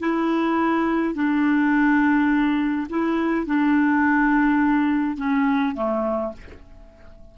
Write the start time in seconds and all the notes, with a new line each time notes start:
0.00 E4
1.15 D4
2.90 E4
3.47 D4
5.18 C#4
5.75 A3